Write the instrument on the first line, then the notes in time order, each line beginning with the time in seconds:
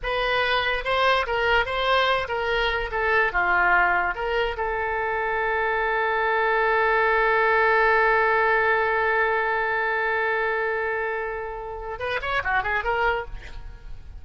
oboe
0.02 B4
0.84 C5
1.26 A#4
1.65 C5
2.28 A#4
2.91 A4
3.32 F4
4.15 A#4
4.56 A4
11.99 B4
12.21 C#5
12.43 F#4
12.63 G#4
12.84 A#4